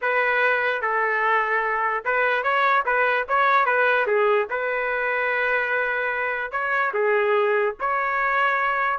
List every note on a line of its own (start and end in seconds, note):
0.01 0.81 B4
0.81 2.04 A4
2.04 2.43 B4
2.43 2.83 C#5
2.85 3.26 B4
3.28 3.65 C#5
3.65 4.06 B4
4.06 4.47 G#4
4.50 6.51 B4
6.51 6.92 C#5
6.93 7.75 G#4
7.80 8.99 C#5